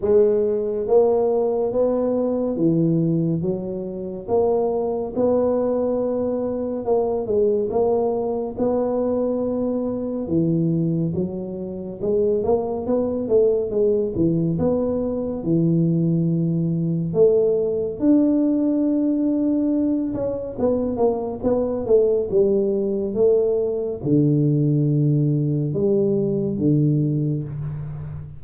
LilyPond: \new Staff \with { instrumentName = "tuba" } { \time 4/4 \tempo 4 = 70 gis4 ais4 b4 e4 | fis4 ais4 b2 | ais8 gis8 ais4 b2 | e4 fis4 gis8 ais8 b8 a8 |
gis8 e8 b4 e2 | a4 d'2~ d'8 cis'8 | b8 ais8 b8 a8 g4 a4 | d2 g4 d4 | }